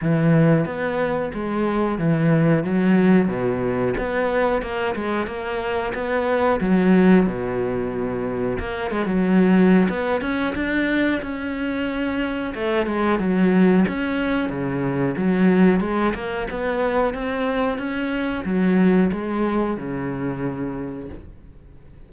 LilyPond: \new Staff \with { instrumentName = "cello" } { \time 4/4 \tempo 4 = 91 e4 b4 gis4 e4 | fis4 b,4 b4 ais8 gis8 | ais4 b4 fis4 b,4~ | b,4 ais8 gis16 fis4~ fis16 b8 cis'8 |
d'4 cis'2 a8 gis8 | fis4 cis'4 cis4 fis4 | gis8 ais8 b4 c'4 cis'4 | fis4 gis4 cis2 | }